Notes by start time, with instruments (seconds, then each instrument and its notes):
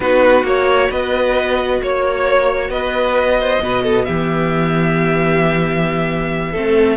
0.00 cello B3, viola D#4, violin F#4 B4
0.43 cello A#3, viola F#4, violin C#5
0.89 cello B3, violin B4 D#5
1.82 cello A#3, violin C#5
2.69 cello B3, violin B4 D#5
3.40 violin C5
3.60 cello B2, viola B3, violin B4
3.83 violin A4
4.04 cello E3, violin G4 E5
6.51 cello A3, viola C4, violin A4